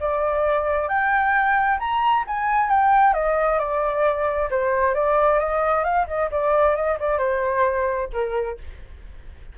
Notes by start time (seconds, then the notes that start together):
0.00 D5
0.88 G5
1.79 A#5
2.27 G#5
2.70 G5
3.14 D#5
3.59 D5
4.50 C5
4.95 D5
5.39 D#5
5.84 F5
6.07 D#5
6.31 D5
6.76 D#5
7.00 D5
7.18 C5
8.13 A#4